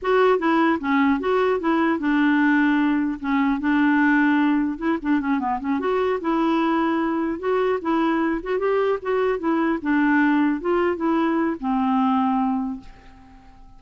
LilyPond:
\new Staff \with { instrumentName = "clarinet" } { \time 4/4 \tempo 4 = 150 fis'4 e'4 cis'4 fis'4 | e'4 d'2. | cis'4 d'2. | e'8 d'8 cis'8 b8 cis'8 fis'4 e'8~ |
e'2~ e'8 fis'4 e'8~ | e'4 fis'8 g'4 fis'4 e'8~ | e'8 d'2 f'4 e'8~ | e'4 c'2. | }